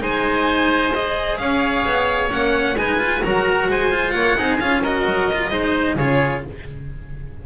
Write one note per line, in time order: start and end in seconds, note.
0.00 1.38 G#3
0.00 0.92 D#4
0.00 1.39 C5
0.00 0.93 G#5
0.93 2.30 G#4
0.93 1.37 D#5
1.37 1.84 C#4
1.37 2.77 C#5
1.37 2.29 F5
1.85 2.31 B3
2.30 2.75 A#3
2.30 2.75 C#4
2.30 2.77 F#5
2.75 3.21 G#3
2.75 2.98 D#4
2.75 3.23 B4
2.75 3.23 G#5
2.98 3.21 F4
3.23 3.67 F#3
3.23 3.91 F#4
3.23 3.70 A#4
3.23 3.69 A#5
3.67 4.13 G#3
3.67 4.14 C5
3.67 4.10 G#5
3.91 4.37 F4
4.10 4.37 A#3
4.10 4.37 C#5
4.10 4.56 F#5
4.37 4.60 C4
4.37 4.60 D#4
4.37 4.82 G#4
4.60 5.05 C#4
4.60 4.83 F4
4.60 4.82 F5
4.82 5.31 F#4
4.82 5.51 A#4
4.82 5.97 D#5
5.05 5.50 F#3
5.32 5.51 F4
5.50 5.95 G#3
5.50 5.96 D#4
5.50 5.96 C5
5.95 6.41 C#3
5.95 6.46 F4
5.95 6.42 G#4
5.95 6.44 C#5